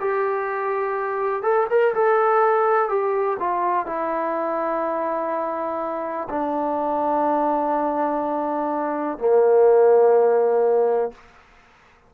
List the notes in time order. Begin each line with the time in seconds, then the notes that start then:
0.00 G4
1.43 A4
1.69 A#4
1.94 A4
2.89 G4
3.40 F4
3.86 E4
6.29 D4
9.18 A#3